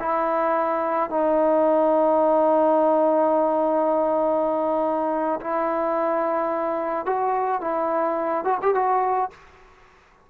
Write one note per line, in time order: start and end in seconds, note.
0.00 1.10 E4
1.10 5.41 D#4
5.41 7.06 E4
7.06 7.61 F#4
7.61 8.45 E4
8.45 8.59 F#4
8.62 8.75 G4
8.75 9.31 F#4